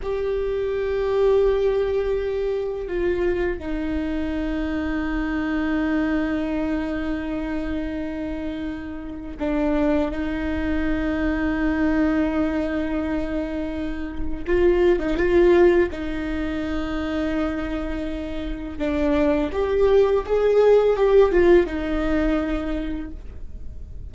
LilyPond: \new Staff \with { instrumentName = "viola" } { \time 4/4 \tempo 4 = 83 g'1 | f'4 dis'2.~ | dis'1~ | dis'4 d'4 dis'2~ |
dis'1 | f'8. dis'16 f'4 dis'2~ | dis'2 d'4 g'4 | gis'4 g'8 f'8 dis'2 | }